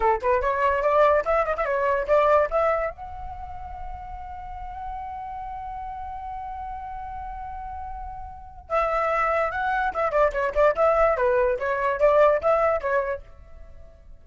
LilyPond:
\new Staff \with { instrumentName = "flute" } { \time 4/4 \tempo 4 = 145 a'8 b'8 cis''4 d''4 e''8 dis''16 e''16 | cis''4 d''4 e''4 fis''4~ | fis''1~ | fis''1~ |
fis''1~ | fis''4 e''2 fis''4 | e''8 d''8 cis''8 d''8 e''4 b'4 | cis''4 d''4 e''4 cis''4 | }